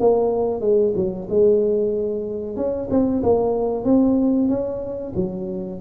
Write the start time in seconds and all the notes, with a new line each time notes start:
0.00 A#3
0.61 G#3
0.95 F#3
1.30 G#3
2.56 C#4
2.90 C4
3.23 A#3
3.84 C4
4.49 C#4
5.16 F#3